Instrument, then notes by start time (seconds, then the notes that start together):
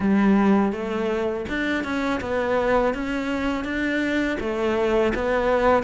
cello
0.00 G3
0.72 A3
1.48 D4
1.84 C#4
2.20 B3
2.94 C#4
3.64 D4
4.40 A3
5.15 B3